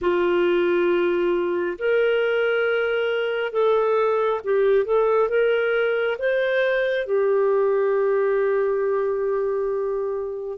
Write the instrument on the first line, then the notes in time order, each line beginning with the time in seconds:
clarinet
0.01 F4
1.78 A#4
3.52 A4
4.44 G4
4.84 A4
5.29 A#4
6.18 C5
7.06 G4